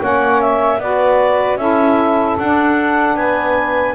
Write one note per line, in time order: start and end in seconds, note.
0.00 0.78 A#3
0.00 0.80 C#4
0.00 0.79 C#5
0.00 0.41 F#5
0.41 0.81 E5
0.78 1.56 B3
0.78 1.59 F#4
0.78 1.59 B4
0.78 1.58 D5
1.56 2.35 C#4
1.56 2.38 E4
1.56 3.17 A4
1.56 2.37 E5
2.39 3.15 D4
2.39 3.95 D4
2.39 3.17 F#5
3.15 3.94 B3
3.15 3.95 B4
3.15 3.95 G#5